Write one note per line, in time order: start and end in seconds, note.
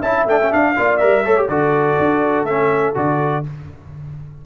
0.00 0.25 C#4
0.00 0.28 E4
0.00 0.73 E5
0.00 0.26 A5
0.25 0.49 A3
0.25 0.41 D4
0.25 0.52 G5
0.42 0.50 C#4
0.50 0.75 D4
0.50 0.77 D4
0.50 0.97 F5
0.75 1.02 A#3
0.75 0.99 F4
0.75 1.25 D5
0.97 1.27 G3
0.97 1.24 A#4
0.97 1.45 E5
1.25 1.48 A3
1.25 1.36 A4
1.25 1.49 C#5
1.36 1.49 G4
1.48 1.97 D3
1.48 2.47 F#4
1.48 3.44 A4
1.48 2.45 D5
1.99 2.43 D4
2.43 2.92 A3
2.43 2.94 C#4
2.43 2.94 E5
2.94 3.44 D3
2.94 3.43 F#4
2.94 3.45 D5